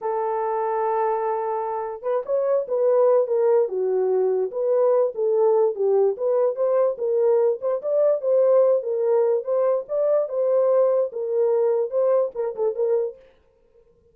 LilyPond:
\new Staff \with { instrumentName = "horn" } { \time 4/4 \tempo 4 = 146 a'1~ | a'4 b'8 cis''4 b'4. | ais'4 fis'2 b'4~ | b'8 a'4. g'4 b'4 |
c''4 ais'4. c''8 d''4 | c''4. ais'4. c''4 | d''4 c''2 ais'4~ | ais'4 c''4 ais'8 a'8 ais'4 | }